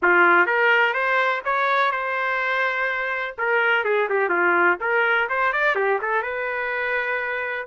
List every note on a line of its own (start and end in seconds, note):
0.02 0.46 F4
0.46 0.93 A#4
0.93 1.41 C5
1.44 1.91 C#5
1.91 3.35 C5
3.38 3.84 A#4
3.84 4.08 G#4
4.09 4.29 G4
4.29 4.77 F4
4.80 5.28 A#4
5.29 5.52 C5
5.52 5.75 D5
5.75 5.99 G4
6.01 6.22 A4
6.22 7.66 B4